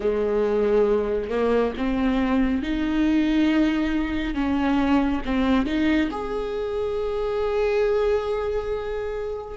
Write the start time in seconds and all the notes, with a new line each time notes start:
0.00 G#3
1.29 A#3
1.77 C4
2.62 D#4
4.34 C#4
5.25 C4
5.66 D#4
6.11 G#4